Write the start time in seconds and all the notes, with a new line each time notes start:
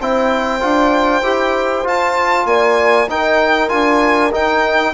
0.00 C4 E4 C5 G5
0.60 D4 F4
1.23 E4 G4
1.84 F4 A5
2.46 A#3 D5 G#5
3.10 D#4 A#4 G5
3.69 D4 F4 G#5
4.32 D#4 G5